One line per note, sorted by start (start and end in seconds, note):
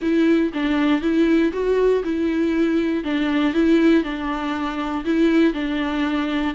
0.01 0.52 E4
0.53 1.01 D4
1.01 1.51 E4
1.52 2.03 F#4
2.04 3.04 E4
3.04 3.53 D4
3.53 4.03 E4
4.03 5.04 D4
5.04 5.53 E4
5.53 6.54 D4